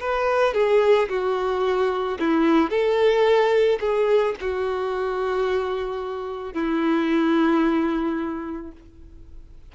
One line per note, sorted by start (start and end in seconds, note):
0.00 0.54 B4
0.54 1.09 G#4
1.09 2.18 F#4
2.19 2.70 E4
2.70 3.79 A4
3.80 4.35 G#4
4.40 6.54 F#4
6.54 8.72 E4